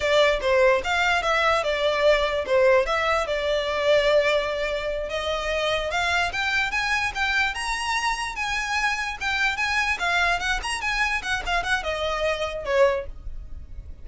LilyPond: \new Staff \with { instrumentName = "violin" } { \time 4/4 \tempo 4 = 147 d''4 c''4 f''4 e''4 | d''2 c''4 e''4 | d''1~ | d''8 dis''2 f''4 g''8~ |
g''8 gis''4 g''4 ais''4.~ | ais''8 gis''2 g''4 gis''8~ | gis''8 f''4 fis''8 ais''8 gis''4 fis''8 | f''8 fis''8 dis''2 cis''4 | }